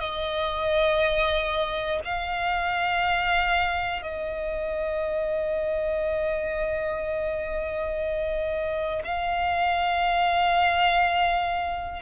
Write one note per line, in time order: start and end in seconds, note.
0.00 2.00 D#5
2.05 4.02 F5
4.02 9.02 D#5
9.05 12.02 F5